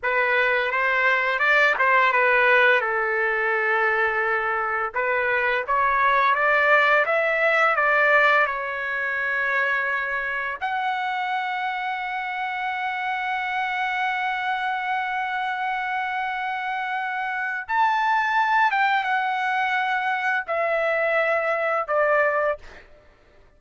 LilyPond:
\new Staff \with { instrumentName = "trumpet" } { \time 4/4 \tempo 4 = 85 b'4 c''4 d''8 c''8 b'4 | a'2. b'4 | cis''4 d''4 e''4 d''4 | cis''2. fis''4~ |
fis''1~ | fis''1~ | fis''4 a''4. g''8 fis''4~ | fis''4 e''2 d''4 | }